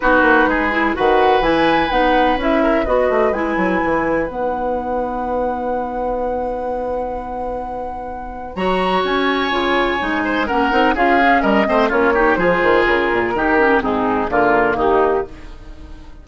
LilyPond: <<
  \new Staff \with { instrumentName = "flute" } { \time 4/4 \tempo 4 = 126 b'2 fis''4 gis''4 | fis''4 e''4 dis''4 gis''4~ | gis''4 fis''2.~ | fis''1~ |
fis''2 ais''4 gis''4~ | gis''2 fis''4 f''4 | dis''4 cis''4 c''4 ais'4~ | ais'4 gis'4 ais'4 g'4 | }
  \new Staff \with { instrumentName = "oboe" } { \time 4/4 fis'4 gis'4 b'2~ | b'4. ais'8 b'2~ | b'1~ | b'1~ |
b'2 cis''2~ | cis''4. c''8 ais'4 gis'4 | ais'8 c''8 f'8 g'8 gis'2 | g'4 dis'4 f'4 dis'4 | }
  \new Staff \with { instrumentName = "clarinet" } { \time 4/4 dis'4. e'8 fis'4 e'4 | dis'4 e'4 fis'4 e'4~ | e'4 dis'2.~ | dis'1~ |
dis'2 fis'2 | f'4 dis'4 cis'8 dis'8 f'8 cis'8~ | cis'8 c'8 cis'8 dis'8 f'2 | dis'8 cis'8 c'4 ais2 | }
  \new Staff \with { instrumentName = "bassoon" } { \time 4/4 b8 ais8 gis4 dis4 e4 | b4 cis'4 b8 a8 gis8 fis8 | e4 b2.~ | b1~ |
b2 fis4 cis'4 | cis4 gis4 ais8 c'8 cis'4 | g8 a8 ais4 f8 dis8 cis8 ais,8 | dis4 gis,4 d4 dis4 | }
>>